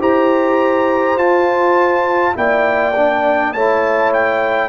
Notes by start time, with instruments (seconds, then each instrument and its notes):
0.00 tuba E4, trombone G4, horn C5, trumpet A#5
1.17 tuba F4, trombone F4, trumpet A5
2.34 tuba A#3, trombone E4, horn D5, trumpet G5
2.97 trombone D4
3.53 tuba A3, trombone E4, horn C#5, trumpet A5
4.13 trumpet G5